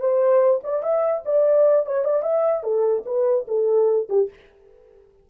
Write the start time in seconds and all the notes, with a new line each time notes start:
0.00 C5
0.64 D5
0.83 E5
1.25 D5
1.86 C#5
2.05 D5
2.23 E5
2.64 A4
3.06 B4
3.48 A4
4.09 G4